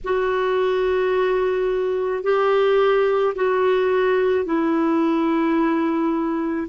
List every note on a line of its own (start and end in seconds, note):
0.04 2.23 F#4
2.23 3.34 G4
3.35 4.45 F#4
4.45 6.67 E4